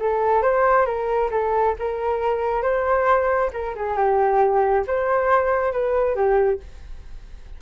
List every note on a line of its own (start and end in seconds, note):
0.00 0.42 A4
0.42 0.86 C5
0.86 1.30 A#4
1.31 1.75 A4
1.79 2.62 A#4
2.62 3.51 C5
3.53 3.75 A#4
3.75 3.97 G#4
3.97 4.85 G4
4.87 5.73 C5
5.73 6.16 B4
6.16 6.60 G4